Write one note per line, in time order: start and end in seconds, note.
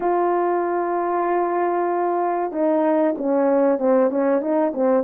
0.00 2.52 F4
2.52 3.15 D#4
3.17 3.78 C#4
3.78 4.10 C4
4.10 4.41 C#4
4.41 4.72 D#4
4.74 5.04 C4